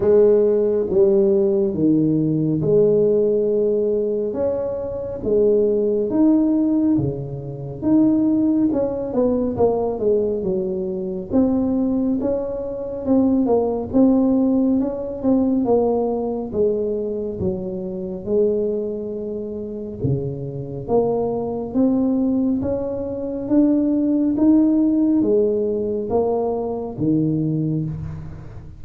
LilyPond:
\new Staff \with { instrumentName = "tuba" } { \time 4/4 \tempo 4 = 69 gis4 g4 dis4 gis4~ | gis4 cis'4 gis4 dis'4 | cis4 dis'4 cis'8 b8 ais8 gis8 | fis4 c'4 cis'4 c'8 ais8 |
c'4 cis'8 c'8 ais4 gis4 | fis4 gis2 cis4 | ais4 c'4 cis'4 d'4 | dis'4 gis4 ais4 dis4 | }